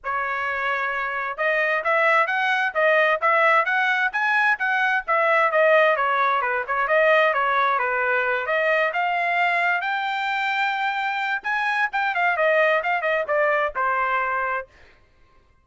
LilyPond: \new Staff \with { instrumentName = "trumpet" } { \time 4/4 \tempo 4 = 131 cis''2. dis''4 | e''4 fis''4 dis''4 e''4 | fis''4 gis''4 fis''4 e''4 | dis''4 cis''4 b'8 cis''8 dis''4 |
cis''4 b'4. dis''4 f''8~ | f''4. g''2~ g''8~ | g''4 gis''4 g''8 f''8 dis''4 | f''8 dis''8 d''4 c''2 | }